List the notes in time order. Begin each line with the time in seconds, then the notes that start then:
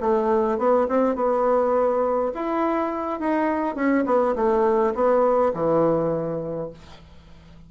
0.00 A3
0.58 B3
0.88 C4
1.15 B3
2.34 E4
3.20 D#4
3.75 C#4
4.06 B3
4.35 A3
4.94 B3
5.54 E3